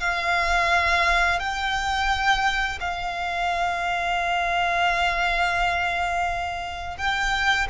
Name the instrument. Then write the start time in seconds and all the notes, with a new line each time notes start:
violin
0.00 F5
1.39 G5
2.80 F5
6.98 G5